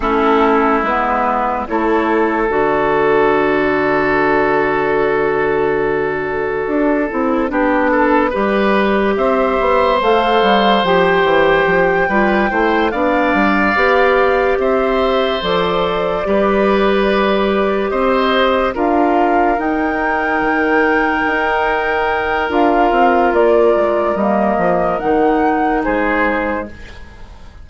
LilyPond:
<<
  \new Staff \with { instrumentName = "flute" } { \time 4/4 \tempo 4 = 72 a'4 b'4 cis''4 d''4~ | d''1~ | d''2. e''4 | f''4 g''2~ g''8 f''8~ |
f''4. e''4 d''4.~ | d''4. dis''4 f''4 g''8~ | g''2. f''4 | d''4 dis''4 fis''4 c''4 | }
  \new Staff \with { instrumentName = "oboe" } { \time 4/4 e'2 a'2~ | a'1~ | a'4 g'8 a'8 b'4 c''4~ | c''2~ c''8 b'8 c''8 d''8~ |
d''4. c''2 b'8~ | b'4. c''4 ais'4.~ | ais'1~ | ais'2. gis'4 | }
  \new Staff \with { instrumentName = "clarinet" } { \time 4/4 cis'4 b4 e'4 fis'4~ | fis'1~ | fis'8 e'8 d'4 g'2 | a'4 g'4. f'8 e'8 d'8~ |
d'8 g'2 a'4 g'8~ | g'2~ g'8 f'4 dis'8~ | dis'2. f'4~ | f'4 ais4 dis'2 | }
  \new Staff \with { instrumentName = "bassoon" } { \time 4/4 a4 gis4 a4 d4~ | d1 | d'8 c'8 b4 g4 c'8 b8 | a8 g8 f8 e8 f8 g8 a8 b8 |
g8 b4 c'4 f4 g8~ | g4. c'4 d'4 dis'8~ | dis'8 dis4 dis'4. d'8 c'8 | ais8 gis8 g8 f8 dis4 gis4 | }
>>